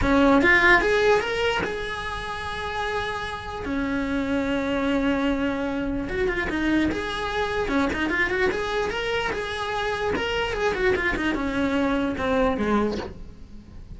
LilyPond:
\new Staff \with { instrumentName = "cello" } { \time 4/4 \tempo 4 = 148 cis'4 f'4 gis'4 ais'4 | gis'1~ | gis'4 cis'2.~ | cis'2. fis'8 f'8 |
dis'4 gis'2 cis'8 dis'8 | f'8 fis'8 gis'4 ais'4 gis'4~ | gis'4 ais'4 gis'8 fis'8 f'8 dis'8 | cis'2 c'4 gis4 | }